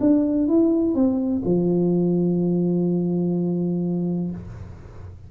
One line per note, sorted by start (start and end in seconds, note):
0.00 0.48 D4
0.48 0.95 E4
0.95 1.42 C4
1.45 4.31 F3